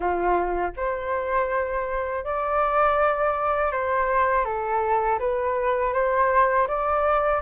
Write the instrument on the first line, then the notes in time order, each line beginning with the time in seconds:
flute
0.00 F4
0.76 C5
2.24 D5
3.72 C5
4.44 A4
5.19 B4
5.93 C5
6.67 D5